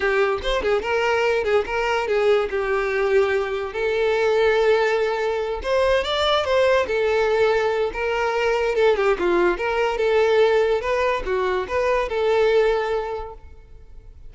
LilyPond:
\new Staff \with { instrumentName = "violin" } { \time 4/4 \tempo 4 = 144 g'4 c''8 gis'8 ais'4. gis'8 | ais'4 gis'4 g'2~ | g'4 a'2.~ | a'4. c''4 d''4 c''8~ |
c''8 a'2~ a'8 ais'4~ | ais'4 a'8 g'8 f'4 ais'4 | a'2 b'4 fis'4 | b'4 a'2. | }